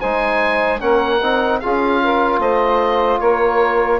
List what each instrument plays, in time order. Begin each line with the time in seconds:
0.00 bassoon G#3, trombone D#4, saxophone C5, oboe G#5
0.79 bassoon A#3, trombone C#4, saxophone A#4, oboe F#5
1.21 bassoon C4, trombone D#4
1.60 bassoon C#4, trombone F4, saxophone G#4, oboe F5
2.03 saxophone A#4
2.39 bassoon A3, saxophone C5, oboe D#5
3.19 bassoon A#3, saxophone A#4, oboe C#5